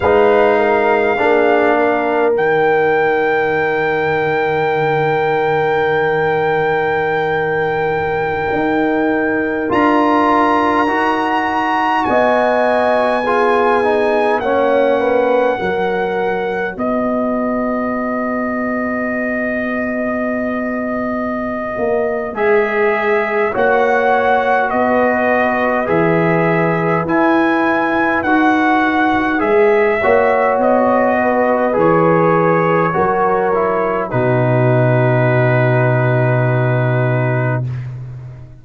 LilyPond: <<
  \new Staff \with { instrumentName = "trumpet" } { \time 4/4 \tempo 4 = 51 f''2 g''2~ | g''1~ | g''16 ais''2 gis''4.~ gis''16~ | gis''16 fis''2 dis''4.~ dis''16~ |
dis''2. e''4 | fis''4 dis''4 e''4 gis''4 | fis''4 e''4 dis''4 cis''4~ | cis''4 b'2. | }
  \new Staff \with { instrumentName = "horn" } { \time 4/4 b'8 ais'8 gis'8 ais'2~ ais'8~ | ais'1~ | ais'2~ ais'16 dis''4 gis'8.~ | gis'16 cis''8 b'8 ais'4 b'4.~ b'16~ |
b'1 | cis''4 b'2.~ | b'4. cis''4 b'4. | ais'4 fis'2. | }
  \new Staff \with { instrumentName = "trombone" } { \time 4/4 dis'4 d'4 dis'2~ | dis'1~ | dis'16 f'4 fis'2 f'8 dis'16~ | dis'16 cis'4 fis'2~ fis'8.~ |
fis'2. gis'4 | fis'2 gis'4 e'4 | fis'4 gis'8 fis'4. gis'4 | fis'8 e'8 dis'2. | }
  \new Staff \with { instrumentName = "tuba" } { \time 4/4 gis4 ais4 dis2~ | dis2.~ dis16 dis'8.~ | dis'16 d'4 dis'4 b4.~ b16~ | b16 ais4 fis4 b4.~ b16~ |
b2~ b8 ais8 gis4 | ais4 b4 e4 e'4 | dis'4 gis8 ais8 b4 e4 | fis4 b,2. | }
>>